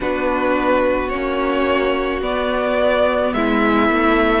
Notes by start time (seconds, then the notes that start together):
0.00 B3 D4 F#4 B4
1.09 A#3 C#4 C#5
2.21 B3 D5
3.33 G#3 E4 E5
3.89 A3